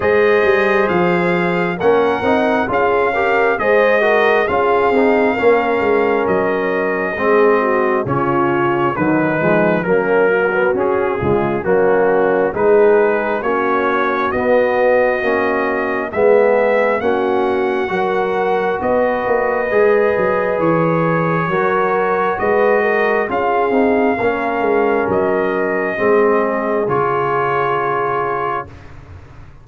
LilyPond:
<<
  \new Staff \with { instrumentName = "trumpet" } { \time 4/4 \tempo 4 = 67 dis''4 f''4 fis''4 f''4 | dis''4 f''2 dis''4~ | dis''4 cis''4 b'4 ais'4 | gis'4 fis'4 b'4 cis''4 |
dis''2 e''4 fis''4~ | fis''4 dis''2 cis''4~ | cis''4 dis''4 f''2 | dis''2 cis''2 | }
  \new Staff \with { instrumentName = "horn" } { \time 4/4 c''2 ais'4 gis'8 ais'8 | c''8 ais'8 gis'4 ais'2 | gis'8 fis'8 f'4 dis'4 cis'8 fis'8~ | fis'8 f'8 cis'4 gis'4 fis'4~ |
fis'2 gis'4 fis'4 | ais'4 b'2. | ais'4 b'8 ais'8 gis'4 ais'4~ | ais'4 gis'2. | }
  \new Staff \with { instrumentName = "trombone" } { \time 4/4 gis'2 cis'8 dis'8 f'8 g'8 | gis'8 fis'8 f'8 dis'8 cis'2 | c'4 cis'4 fis8 gis8 ais8. b16 | cis'8 gis8 ais4 dis'4 cis'4 |
b4 cis'4 b4 cis'4 | fis'2 gis'2 | fis'2 f'8 dis'8 cis'4~ | cis'4 c'4 f'2 | }
  \new Staff \with { instrumentName = "tuba" } { \time 4/4 gis8 g8 f4 ais8 c'8 cis'4 | gis4 cis'8 c'8 ais8 gis8 fis4 | gis4 cis4 dis8 f8 fis4 | cis'8 cis8 fis4 gis4 ais4 |
b4 ais4 gis4 ais4 | fis4 b8 ais8 gis8 fis8 e4 | fis4 gis4 cis'8 c'8 ais8 gis8 | fis4 gis4 cis2 | }
>>